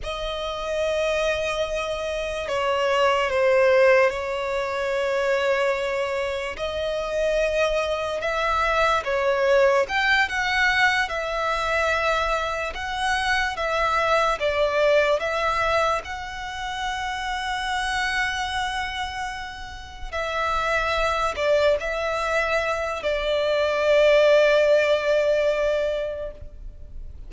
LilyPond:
\new Staff \with { instrumentName = "violin" } { \time 4/4 \tempo 4 = 73 dis''2. cis''4 | c''4 cis''2. | dis''2 e''4 cis''4 | g''8 fis''4 e''2 fis''8~ |
fis''8 e''4 d''4 e''4 fis''8~ | fis''1~ | fis''8 e''4. d''8 e''4. | d''1 | }